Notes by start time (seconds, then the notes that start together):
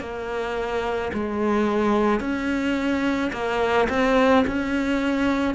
0.00 A#3
1.13 G#3
2.20 C#4
3.32 A#3
3.89 C4
4.46 C#4